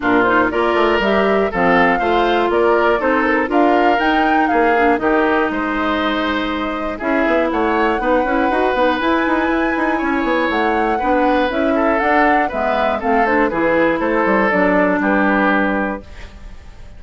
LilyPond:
<<
  \new Staff \with { instrumentName = "flute" } { \time 4/4 \tempo 4 = 120 ais'8 c''8 d''4 e''4 f''4~ | f''4 d''4 c''8 ais'8 f''4 | g''4 f''4 dis''2~ | dis''2 e''4 fis''4~ |
fis''2 gis''2~ | gis''4 fis''2 e''4 | fis''4 e''4 f''8 c''8 b'4 | c''4 d''4 b'2 | }
  \new Staff \with { instrumentName = "oboe" } { \time 4/4 f'4 ais'2 a'4 | c''4 ais'4 a'4 ais'4~ | ais'4 gis'4 g'4 c''4~ | c''2 gis'4 cis''4 |
b'1 | cis''2 b'4. a'8~ | a'4 b'4 a'4 gis'4 | a'2 g'2 | }
  \new Staff \with { instrumentName = "clarinet" } { \time 4/4 d'8 dis'8 f'4 g'4 c'4 | f'2 dis'4 f'4 | dis'4. d'8 dis'2~ | dis'2 e'2 |
dis'8 e'8 fis'8 dis'8 e'2~ | e'2 d'4 e'4 | d'4 b4 c'8 d'8 e'4~ | e'4 d'2. | }
  \new Staff \with { instrumentName = "bassoon" } { \time 4/4 ais,4 ais8 a8 g4 f4 | a4 ais4 c'4 d'4 | dis'4 ais4 dis4 gis4~ | gis2 cis'8 b8 a4 |
b8 cis'8 dis'8 b8 e'8 dis'8 e'8 dis'8 | cis'8 b8 a4 b4 cis'4 | d'4 gis4 a4 e4 | a8 g8 fis4 g2 | }
>>